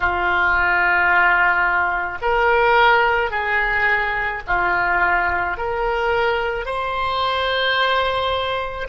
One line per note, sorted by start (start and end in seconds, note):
0.00 2.18 F4
2.21 3.30 A#4
3.30 4.41 G#4
4.47 5.57 F4
5.57 6.65 A#4
6.65 8.87 C5